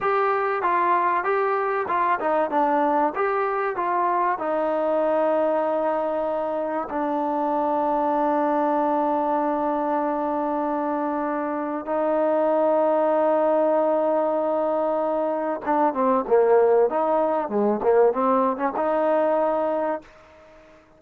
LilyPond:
\new Staff \with { instrumentName = "trombone" } { \time 4/4 \tempo 4 = 96 g'4 f'4 g'4 f'8 dis'8 | d'4 g'4 f'4 dis'4~ | dis'2. d'4~ | d'1~ |
d'2. dis'4~ | dis'1~ | dis'4 d'8 c'8 ais4 dis'4 | gis8 ais8 c'8. cis'16 dis'2 | }